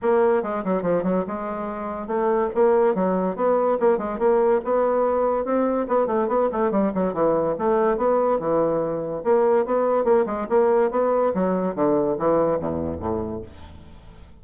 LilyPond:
\new Staff \with { instrumentName = "bassoon" } { \time 4/4 \tempo 4 = 143 ais4 gis8 fis8 f8 fis8 gis4~ | gis4 a4 ais4 fis4 | b4 ais8 gis8 ais4 b4~ | b4 c'4 b8 a8 b8 a8 |
g8 fis8 e4 a4 b4 | e2 ais4 b4 | ais8 gis8 ais4 b4 fis4 | d4 e4 e,4 a,4 | }